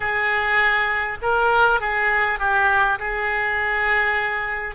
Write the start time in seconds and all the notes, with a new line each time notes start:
0.00 G#4
1.22 A#4
1.80 G#4
2.39 G4
2.99 G#4